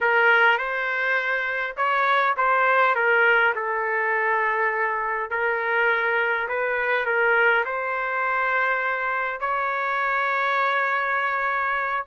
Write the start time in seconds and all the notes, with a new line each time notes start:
0.01 A#4
0.58 C5
1.76 C#5
2.36 C5
2.95 A#4
3.55 A4
5.30 A#4
6.48 B4
7.05 A#4
7.65 C5
9.40 C#5